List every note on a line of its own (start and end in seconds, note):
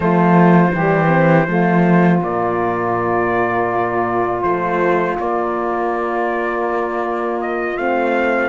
0.00 0.71 F3
0.00 0.72 A3
0.00 0.73 F4
0.00 2.20 C5
0.73 1.47 E3
0.73 1.07 G3
0.73 1.47 G4
1.07 1.44 C4
1.47 2.21 F3
1.47 2.21 A3
1.47 8.49 F4
2.21 4.44 A#2
2.21 4.43 A#3
2.21 4.42 D5
4.42 5.17 F3
4.42 5.18 A3
4.42 5.16 C5
5.19 7.77 A#3
5.19 7.79 A#3
5.19 7.41 D5
7.41 7.77 D#5
7.77 8.49 A3
7.77 8.49 C4
7.77 8.49 F5